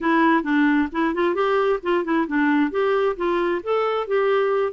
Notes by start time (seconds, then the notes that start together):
0.01 E4
0.43 D4
0.91 E4
1.14 F4
1.34 G4
1.82 F4
2.04 E4
2.27 D4
2.70 G4
3.16 F4
3.63 A4
4.07 G4